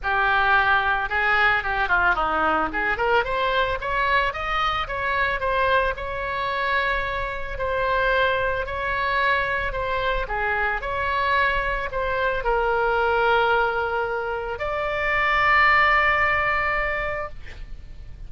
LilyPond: \new Staff \with { instrumentName = "oboe" } { \time 4/4 \tempo 4 = 111 g'2 gis'4 g'8 f'8 | dis'4 gis'8 ais'8 c''4 cis''4 | dis''4 cis''4 c''4 cis''4~ | cis''2 c''2 |
cis''2 c''4 gis'4 | cis''2 c''4 ais'4~ | ais'2. d''4~ | d''1 | }